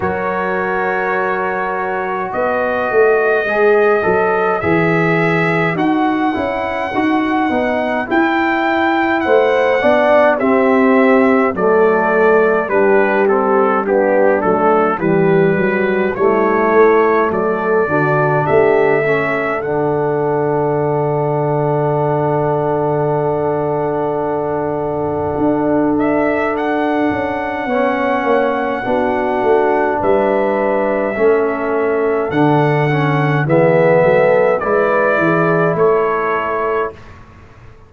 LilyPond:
<<
  \new Staff \with { instrumentName = "trumpet" } { \time 4/4 \tempo 4 = 52 cis''2 dis''2 | e''4 fis''2 g''4 | fis''4 e''4 d''4 b'8 a'8 | g'8 a'8 b'4 cis''4 d''4 |
e''4 fis''2.~ | fis''2~ fis''8 e''8 fis''4~ | fis''2 e''2 | fis''4 e''4 d''4 cis''4 | }
  \new Staff \with { instrumentName = "horn" } { \time 4/4 ais'2 b'2~ | b'1 | c''8 d''8 g'4 a'4 g'4 | d'4 g'8 fis'8 e'4 a'8 fis'8 |
g'8 a'2.~ a'8~ | a'1 | cis''4 fis'4 b'4 a'4~ | a'4 gis'8 a'8 b'8 gis'8 a'4 | }
  \new Staff \with { instrumentName = "trombone" } { \time 4/4 fis'2. gis'8 a'8 | gis'4 fis'8 e'8 fis'8 dis'8 e'4~ | e'8 d'8 c'4 a4 d'8 c'8 | b8 a8 g4 a4. d'8~ |
d'8 cis'8 d'2.~ | d'1 | cis'4 d'2 cis'4 | d'8 cis'8 b4 e'2 | }
  \new Staff \with { instrumentName = "tuba" } { \time 4/4 fis2 b8 a8 gis8 fis8 | e4 dis'8 cis'8 dis'8 b8 e'4 | a8 b8 c'4 fis4 g4~ | g8 fis8 e8 fis8 g8 a8 fis8 d8 |
a4 d2.~ | d2 d'4. cis'8 | b8 ais8 b8 a8 g4 a4 | d4 e8 fis8 gis8 e8 a4 | }
>>